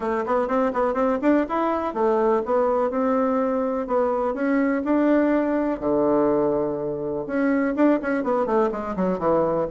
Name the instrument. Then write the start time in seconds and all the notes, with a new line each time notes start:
bassoon
0.00 A3
0.26 B3
0.48 C4
0.73 B3
0.94 C4
1.21 D4
1.49 E4
1.94 A3
2.45 B3
2.90 C4
3.87 B3
4.34 C#4
4.84 D4
5.80 D3
7.26 C#4
7.75 D4
8.01 C#4
8.23 B3
8.45 A3
8.71 G#3
8.96 F#3
9.18 E3